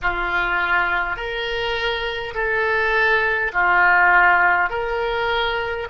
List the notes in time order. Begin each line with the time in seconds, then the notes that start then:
0.02 F4
1.16 A#4
2.34 A4
3.52 F4
4.70 A#4